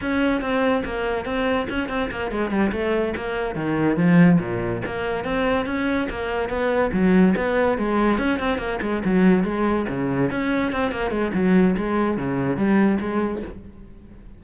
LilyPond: \new Staff \with { instrumentName = "cello" } { \time 4/4 \tempo 4 = 143 cis'4 c'4 ais4 c'4 | cis'8 c'8 ais8 gis8 g8 a4 ais8~ | ais8 dis4 f4 ais,4 ais8~ | ais8 c'4 cis'4 ais4 b8~ |
b8 fis4 b4 gis4 cis'8 | c'8 ais8 gis8 fis4 gis4 cis8~ | cis8 cis'4 c'8 ais8 gis8 fis4 | gis4 cis4 g4 gis4 | }